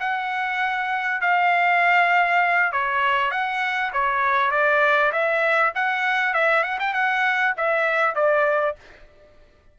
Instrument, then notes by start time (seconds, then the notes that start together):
trumpet
0.00 F#5
1.21 F5
2.72 C#5
3.31 F#5
3.93 C#5
4.51 D5
5.12 E5
5.75 F#5
6.34 E5
6.63 F#5
6.80 G5
6.94 F#5
7.57 E5
8.15 D5